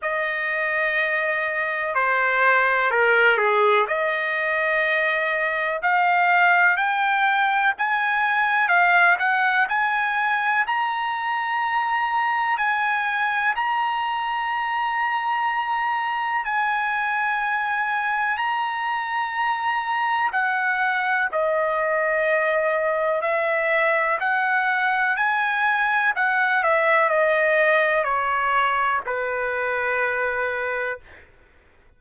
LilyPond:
\new Staff \with { instrumentName = "trumpet" } { \time 4/4 \tempo 4 = 62 dis''2 c''4 ais'8 gis'8 | dis''2 f''4 g''4 | gis''4 f''8 fis''8 gis''4 ais''4~ | ais''4 gis''4 ais''2~ |
ais''4 gis''2 ais''4~ | ais''4 fis''4 dis''2 | e''4 fis''4 gis''4 fis''8 e''8 | dis''4 cis''4 b'2 | }